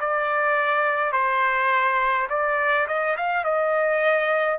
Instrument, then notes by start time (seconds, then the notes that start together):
trumpet
0.00 D5
1.12 C5
2.29 D5
2.87 D#5
3.17 F5
3.45 D#5